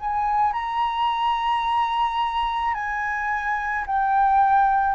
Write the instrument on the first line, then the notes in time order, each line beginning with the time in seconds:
flute
0.00 G#5
0.53 A#5
2.74 G#5
3.86 G5